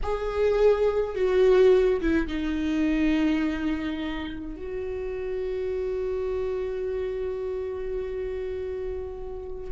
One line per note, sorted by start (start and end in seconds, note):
0.03 1.15 G#4
1.15 2.01 F#4
2.01 2.27 E4
2.27 4.56 D#4
4.56 9.70 F#4